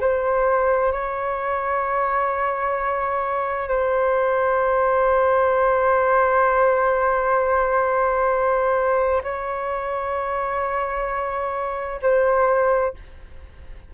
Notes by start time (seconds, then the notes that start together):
0.00 C5
0.92 C#5
3.68 C5
9.23 C#5
12.02 C5